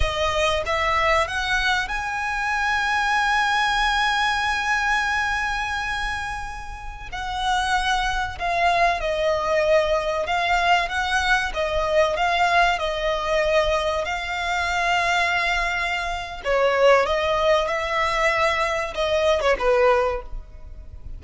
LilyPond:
\new Staff \with { instrumentName = "violin" } { \time 4/4 \tempo 4 = 95 dis''4 e''4 fis''4 gis''4~ | gis''1~ | gis''2.~ gis''16 fis''8.~ | fis''4~ fis''16 f''4 dis''4.~ dis''16~ |
dis''16 f''4 fis''4 dis''4 f''8.~ | f''16 dis''2 f''4.~ f''16~ | f''2 cis''4 dis''4 | e''2 dis''8. cis''16 b'4 | }